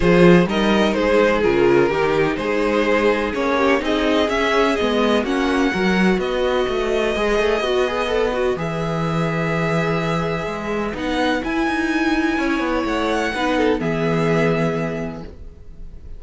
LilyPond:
<<
  \new Staff \with { instrumentName = "violin" } { \time 4/4 \tempo 4 = 126 c''4 dis''4 c''4 ais'4~ | ais'4 c''2 cis''4 | dis''4 e''4 dis''4 fis''4~ | fis''4 dis''2.~ |
dis''2 e''2~ | e''2. fis''4 | gis''2. fis''4~ | fis''4 e''2. | }
  \new Staff \with { instrumentName = "violin" } { \time 4/4 gis'4 ais'4 gis'2 | g'4 gis'2~ gis'8 g'8 | gis'2. fis'4 | ais'4 b'2.~ |
b'1~ | b'1~ | b'2 cis''2 | b'8 a'8 gis'2. | }
  \new Staff \with { instrumentName = "viola" } { \time 4/4 f'4 dis'2 f'4 | dis'2. cis'4 | dis'4 cis'4 b4 cis'4 | fis'2. gis'4 |
fis'8 gis'8 a'8 fis'8 gis'2~ | gis'2. dis'4 | e'1 | dis'4 b2. | }
  \new Staff \with { instrumentName = "cello" } { \time 4/4 f4 g4 gis4 cis4 | dis4 gis2 ais4 | c'4 cis'4 gis4 ais4 | fis4 b4 a4 gis8 a8 |
b2 e2~ | e2 gis4 b4 | e'8 dis'4. cis'8 b8 a4 | b4 e2. | }
>>